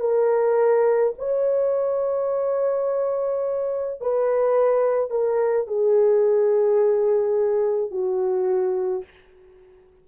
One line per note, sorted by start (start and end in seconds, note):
0.00 1.13 A#4
1.19 4.01 C#5
4.01 5.11 B4
5.11 5.68 A#4
5.68 7.91 G#4
7.91 9.04 F#4